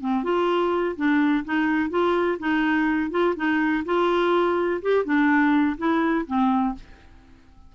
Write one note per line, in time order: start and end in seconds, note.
0.00 0.23 C4
0.23 0.95 F4
0.96 1.44 D4
1.44 1.90 D#4
1.90 2.38 F4
2.39 3.10 D#4
3.10 3.34 F4
3.36 3.84 D#4
3.85 4.81 F4
4.81 5.04 G4
5.04 5.76 D4
5.77 6.25 E4
6.26 6.74 C4